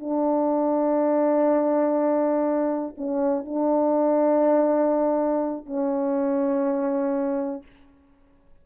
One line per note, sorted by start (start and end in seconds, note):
0.00 2.95 D4
2.98 3.45 C#4
3.45 5.66 D4
5.66 7.63 C#4